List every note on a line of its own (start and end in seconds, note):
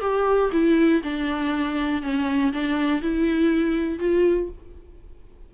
0.00 0.50 G4
0.52 1.02 E4
1.03 2.02 D4
2.02 2.52 C#4
2.52 3.01 D4
3.01 3.99 E4
3.99 4.49 F4